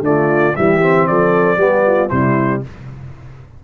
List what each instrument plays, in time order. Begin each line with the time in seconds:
0.00 tuba D3, trombone A3, horn F4, trumpet D5
0.55 tuba E3, trombone G3, horn G4, trumpet E5
0.80 trombone C4
1.07 tuba F3, horn A4, trumpet D5
1.57 tuba G3, trombone B3, horn G4
1.86 horn F4
2.09 tuba C3, trombone G3, horn E4, trumpet C5